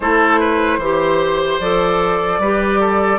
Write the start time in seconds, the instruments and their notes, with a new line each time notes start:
0.00 bassoon A3, clarinet E4, oboe A4, flute C5
0.40 oboe B4
0.77 bassoon E3, clarinet G4, oboe C5
1.60 bassoon F3, clarinet A4, flute D5
2.39 bassoon G3, clarinet G4, oboe B4
2.80 oboe A4